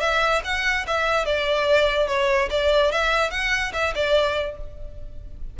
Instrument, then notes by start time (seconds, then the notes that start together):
violin
0.00 E5
0.44 F#5
0.87 E5
1.25 D5
2.07 C#5
2.50 D5
2.92 E5
3.30 F#5
3.73 E5
3.95 D5